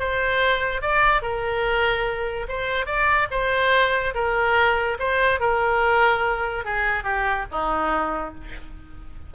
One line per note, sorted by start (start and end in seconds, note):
0.00 0.82 C5
0.82 1.22 D5
1.22 2.47 A#4
2.48 2.86 C5
2.86 3.28 D5
3.31 4.14 C5
4.15 4.98 A#4
5.00 5.40 C5
5.40 6.65 A#4
6.65 7.04 G#4
7.04 7.45 G4
7.51 8.35 D#4